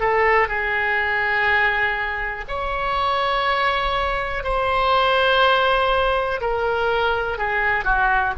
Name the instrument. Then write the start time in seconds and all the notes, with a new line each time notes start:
oboe
0.00 A4
0.48 G#4
2.48 C#5
4.44 C5
6.41 A#4
7.38 G#4
7.84 F#4